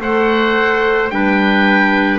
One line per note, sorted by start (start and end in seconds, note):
0.00 1.10 A3
0.00 1.11 A4
0.00 1.12 C5
0.00 1.10 F#5
1.10 2.19 G3
1.10 2.19 D4
1.10 2.19 B4
1.10 2.19 G5